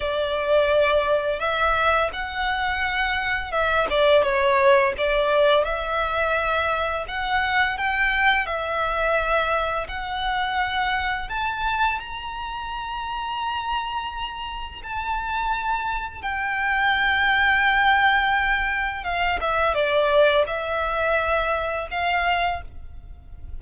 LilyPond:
\new Staff \with { instrumentName = "violin" } { \time 4/4 \tempo 4 = 85 d''2 e''4 fis''4~ | fis''4 e''8 d''8 cis''4 d''4 | e''2 fis''4 g''4 | e''2 fis''2 |
a''4 ais''2.~ | ais''4 a''2 g''4~ | g''2. f''8 e''8 | d''4 e''2 f''4 | }